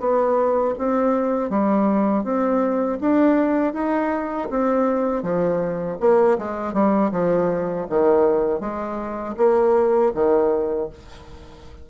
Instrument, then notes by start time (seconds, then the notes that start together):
bassoon
0.00 B3
0.78 C4
1.50 G3
2.24 C4
3.01 D4
3.74 D#4
4.50 C4
5.23 F3
6.00 A#3
6.38 G#3
6.74 G3
7.11 F3
7.90 D#3
8.60 G#3
9.37 A#3
10.15 D#3